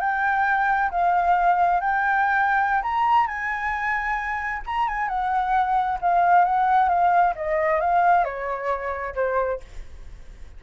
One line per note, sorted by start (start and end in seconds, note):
0.00 0.90 G5
0.91 1.80 F5
1.80 2.82 G5
2.82 3.27 A#5
3.27 4.62 G#5
4.66 4.88 A#5
4.88 5.08 G#5
5.08 5.99 F#5
6.01 6.44 F5
6.44 6.89 F#5
6.89 7.34 F5
7.36 7.80 D#5
7.80 8.24 F5
8.24 9.14 C#5
9.15 9.60 C5